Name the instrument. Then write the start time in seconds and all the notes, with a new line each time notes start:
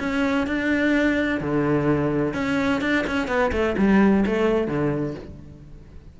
cello
0.00 C#4
0.47 D4
1.41 D3
2.34 C#4
2.82 D4
3.07 C#4
3.28 B3
3.52 A3
3.78 G3
4.26 A3
4.68 D3